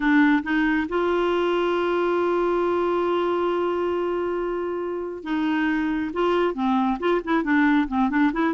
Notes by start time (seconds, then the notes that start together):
0.00 D4
0.43 D#4
0.88 F4
5.23 D#4
6.13 F4
6.54 C4
6.99 F4
7.24 E4
7.43 D4
7.88 C4
8.09 D4
8.32 E4